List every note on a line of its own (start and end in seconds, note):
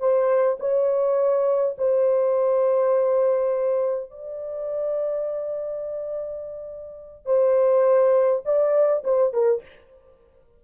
0.00 0.58 C5
0.60 1.77 C#5
1.78 4.11 C5
4.11 7.26 D5
7.26 8.43 C5
8.45 9.04 D5
9.05 9.34 C5
9.34 9.63 A#4